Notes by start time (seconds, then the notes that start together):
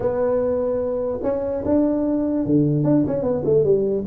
0.00 B3
1.23 C#4
1.65 D4
2.45 D3
2.84 D4
3.07 C#4
3.22 B3
3.44 A3
3.64 G3